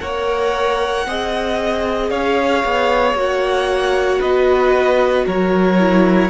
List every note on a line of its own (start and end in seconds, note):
0.00 1.06 A#3
0.00 1.05 A#4
0.00 1.07 C#5
0.00 2.10 F#5
1.06 2.11 C4
1.06 3.16 G#4
1.06 2.11 D#5
2.10 2.64 C#4
2.10 4.20 C#5
2.10 3.15 F5
2.65 3.14 B3
3.14 4.19 A#3
3.14 5.79 F#4
3.20 4.21 F#5
4.20 5.27 B3
4.20 5.25 B4
4.20 5.27 D#5
5.26 6.30 F#3
5.26 6.30 A#4
5.26 6.30 C#5
5.79 6.30 E4